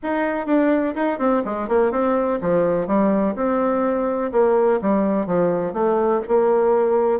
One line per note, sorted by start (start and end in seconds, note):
0.02 0.46 D#4
0.46 0.94 D4
0.95 1.18 D#4
1.18 1.42 C4
1.44 1.68 G#3
1.68 1.91 A#3
1.91 2.39 C4
2.41 2.87 F3
2.87 3.35 G3
3.35 4.31 C4
4.32 4.80 A#3
4.81 5.26 G3
5.26 5.73 F3
5.73 6.21 A3
6.27 7.20 A#3